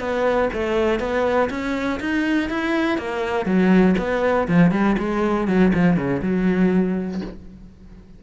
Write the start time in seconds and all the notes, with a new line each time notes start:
0.00 B3
0.53 A3
1.00 B3
1.50 C#4
2.00 D#4
2.50 E4
2.98 A#3
3.46 F#3
3.98 B3
4.48 F3
4.72 G3
4.99 G#3
5.48 F#3
5.74 F3
5.97 C#3
6.22 F#3